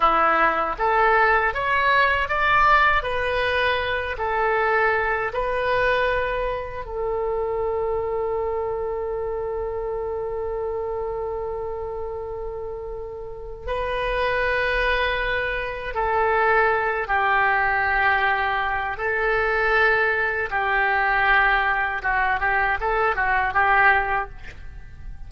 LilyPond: \new Staff \with { instrumentName = "oboe" } { \time 4/4 \tempo 4 = 79 e'4 a'4 cis''4 d''4 | b'4. a'4. b'4~ | b'4 a'2.~ | a'1~ |
a'2 b'2~ | b'4 a'4. g'4.~ | g'4 a'2 g'4~ | g'4 fis'8 g'8 a'8 fis'8 g'4 | }